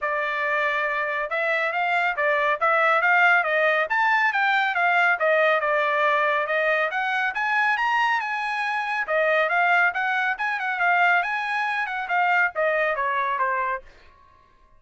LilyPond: \new Staff \with { instrumentName = "trumpet" } { \time 4/4 \tempo 4 = 139 d''2. e''4 | f''4 d''4 e''4 f''4 | dis''4 a''4 g''4 f''4 | dis''4 d''2 dis''4 |
fis''4 gis''4 ais''4 gis''4~ | gis''4 dis''4 f''4 fis''4 | gis''8 fis''8 f''4 gis''4. fis''8 | f''4 dis''4 cis''4 c''4 | }